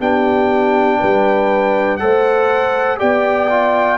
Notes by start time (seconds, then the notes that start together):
0.00 B3 D4 G4 G5
0.99 G3 B4
1.97 A3 A4 C5 F#5
2.98 B3 G4 D5 G5
3.50 F4